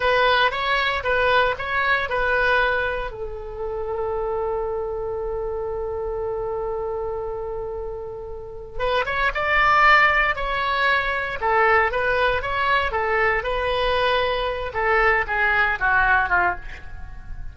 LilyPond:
\new Staff \with { instrumentName = "oboe" } { \time 4/4 \tempo 4 = 116 b'4 cis''4 b'4 cis''4 | b'2 a'2~ | a'1~ | a'1~ |
a'4 b'8 cis''8 d''2 | cis''2 a'4 b'4 | cis''4 a'4 b'2~ | b'8 a'4 gis'4 fis'4 f'8 | }